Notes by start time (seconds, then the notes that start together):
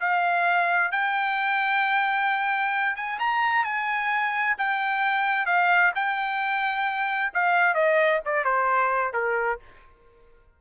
0.00 F5
0.91 G5
2.96 G#5
3.19 A#5
3.64 G#5
4.58 G5
5.46 F5
5.95 G5
7.33 F5
7.74 D#5
8.25 D5
8.44 C5
9.13 A#4